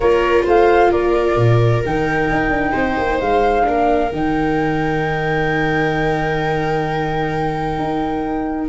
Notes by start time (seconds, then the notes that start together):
0.00 A#3 F4 A#4 C#5
0.44 A3 C5 F5
0.90 A#3 A#4 D5
1.35 A#2
1.85 D#3 D#4 G5
2.31 D#4
2.49 D4
2.71 C4 C5
2.97 A#3
3.20 G#3 F5
3.62 A#3 D4 A#4
4.11 D#3 D#4 G5
7.78 D#4